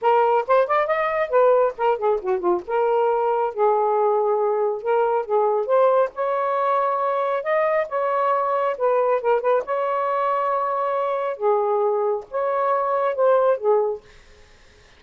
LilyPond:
\new Staff \with { instrumentName = "saxophone" } { \time 4/4 \tempo 4 = 137 ais'4 c''8 d''8 dis''4 b'4 | ais'8 gis'8 fis'8 f'8 ais'2 | gis'2. ais'4 | gis'4 c''4 cis''2~ |
cis''4 dis''4 cis''2 | b'4 ais'8 b'8 cis''2~ | cis''2 gis'2 | cis''2 c''4 gis'4 | }